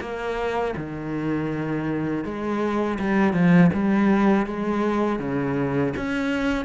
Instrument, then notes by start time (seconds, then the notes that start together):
cello
0.00 A#3
0.76 D#3
2.24 G#3
2.99 G3
3.33 F3
3.73 G3
4.46 G#3
5.19 C#3
5.96 C#4